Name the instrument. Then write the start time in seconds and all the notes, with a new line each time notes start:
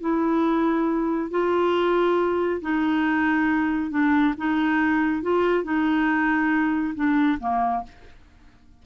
clarinet
0.00 E4
1.31 F4
2.61 D#4
3.91 D4
4.37 D#4
5.22 F4
5.64 D#4
6.95 D4
7.40 A#3